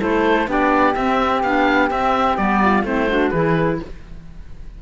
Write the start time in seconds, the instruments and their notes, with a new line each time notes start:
0.00 cello A3, clarinet E4, flute A4, oboe C5
0.46 cello B3, clarinet D4, flute G4, oboe D5
0.95 cello C4, clarinet C4, oboe E5
1.43 cello B3, clarinet D4, oboe F5
1.90 clarinet C4, cello C4, oboe E5
2.37 cello G3, clarinet B3, oboe D5
2.63 flute F4
2.83 cello A3, clarinet C4, flute E4, oboe C5
3.09 clarinet D4, flute F#4
3.31 cello E3, clarinet E4, flute G#4, oboe B4